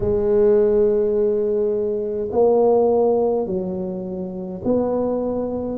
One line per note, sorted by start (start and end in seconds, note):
0.00 2.29 G#3
2.31 3.46 A#3
3.46 4.62 F#3
4.64 5.77 B3